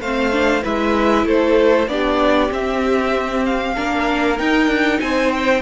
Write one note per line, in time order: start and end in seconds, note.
0.00 0.62 A3
0.00 0.32 C4
0.00 0.63 C5
0.00 0.64 F5
0.32 0.62 D4
0.62 1.24 G#3
0.62 1.87 E4
0.62 1.26 B4
0.62 1.27 E5
1.24 1.87 A3
1.24 1.89 A4
1.24 1.88 C5
1.87 2.50 B3
1.87 2.49 D4
1.87 3.75 G4
1.87 2.50 D5
2.49 3.74 C4
2.49 3.76 C4
2.49 3.45 E5
3.45 4.38 F5
3.75 4.39 A#3
3.75 4.37 D4
3.75 5.00 A#4
4.37 5.62 D#4
4.37 4.67 D#4
4.37 5.00 G5
4.67 4.98 D4
5.00 5.62 C4
5.00 5.62 C5
5.00 5.31 G#5
5.31 5.62 G5